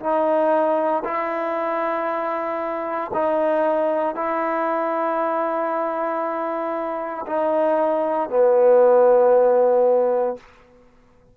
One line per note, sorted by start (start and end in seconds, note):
0.00 1.03 D#4
1.04 3.11 E4
3.14 4.15 D#4
4.15 7.26 E4
7.27 8.30 D#4
8.30 10.37 B3